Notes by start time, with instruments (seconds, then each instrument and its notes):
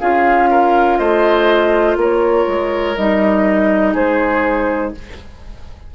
0.00 bassoon C#4, clarinet F4, oboe G#4, flute F5
0.51 oboe A#4
0.98 bassoon A3, oboe C5, flute D#5
1.97 bassoon A#3, oboe A#4, flute C#5
2.47 bassoon G#3
2.97 bassoon G3, clarinet D#4, flute D#5
3.94 bassoon G#3, oboe G#4, flute C5